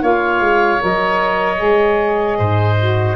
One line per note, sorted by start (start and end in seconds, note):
0.00 0.40 A#3
0.00 0.79 F4
0.00 2.38 C#5
0.00 0.82 F5
0.40 0.79 G#3
0.79 1.61 F#3
0.79 1.56 A#4
0.79 3.16 D#5
1.56 2.39 G#3
1.56 2.75 G#4
2.38 3.16 G#2
2.38 3.16 C5
2.80 3.16 F#4